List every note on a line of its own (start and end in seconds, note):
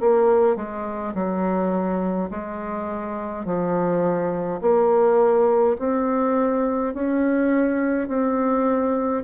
0.00 0.56 A#3
0.56 1.13 G#3
1.14 2.30 F#3
2.30 3.45 G#3
3.45 4.60 F3
4.61 5.76 A#3
5.78 6.94 C4
6.94 8.08 C#4
8.08 9.23 C4